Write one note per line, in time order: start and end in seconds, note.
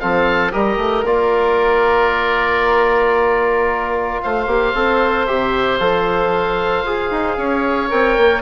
0.00 0.54 F3
0.00 0.51 C4
0.00 0.53 A4
0.00 0.52 F5
0.51 0.77 G3
0.51 1.04 G4
0.51 4.21 A#4
0.51 1.05 D#5
0.77 1.03 A3
1.05 4.21 A#3
1.05 4.48 F4
1.05 4.22 D5
4.22 4.47 A3
4.22 7.38 C5
4.22 5.26 F5
4.47 4.73 A#3
4.47 4.74 G4
4.75 5.27 C4
4.75 5.28 A4
5.26 5.80 C3
5.26 5.80 G4
5.26 5.79 E5
5.79 6.83 F3
5.79 6.85 A4
5.79 7.90 F5
6.83 7.10 F4
6.83 7.90 G#4
7.11 7.37 D#4
7.37 7.90 C#4
7.37 8.42 C#5
7.90 8.17 C4
7.90 8.42 A#4
7.90 8.42 G5
8.17 8.42 A#3